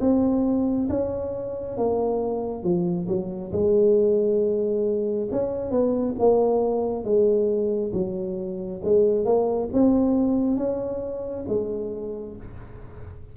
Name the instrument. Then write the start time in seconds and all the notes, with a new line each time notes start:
tuba
0.00 C4
0.89 C#4
1.77 A#3
2.64 F3
3.08 F#3
3.52 G#3
5.31 C#4
5.71 B3
6.19 A#3
7.04 G#3
7.93 F#3
8.84 G#3
9.25 A#3
9.73 C4
10.57 C#4
11.48 G#3